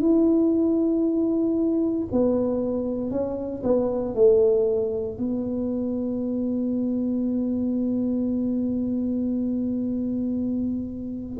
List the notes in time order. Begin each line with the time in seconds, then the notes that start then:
0.00 E4
2.12 B3
3.10 C#4
3.63 B3
4.15 A3
5.18 B3